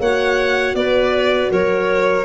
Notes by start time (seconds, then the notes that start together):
0.00 A#3 F#4 C#5 F#5
0.75 B3 B4 D5
1.51 F#3 A#4 C#5